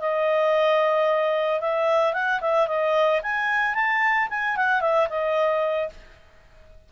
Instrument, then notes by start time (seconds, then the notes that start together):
clarinet
0.00 D#5
1.61 E5
2.14 F#5
2.41 E5
2.68 D#5
3.23 G#5
3.75 A5
4.30 G#5
4.57 F#5
4.81 E5
5.09 D#5